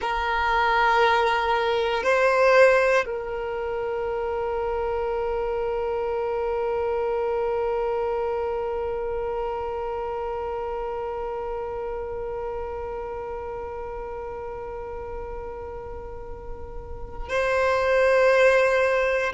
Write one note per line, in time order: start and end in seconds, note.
0.01 2.03 A#4
2.03 3.05 C5
3.05 17.29 A#4
17.29 19.32 C5